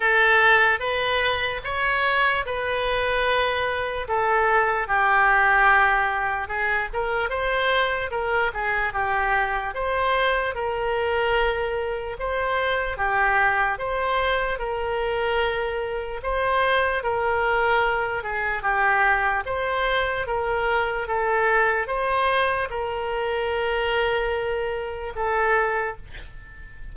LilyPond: \new Staff \with { instrumentName = "oboe" } { \time 4/4 \tempo 4 = 74 a'4 b'4 cis''4 b'4~ | b'4 a'4 g'2 | gis'8 ais'8 c''4 ais'8 gis'8 g'4 | c''4 ais'2 c''4 |
g'4 c''4 ais'2 | c''4 ais'4. gis'8 g'4 | c''4 ais'4 a'4 c''4 | ais'2. a'4 | }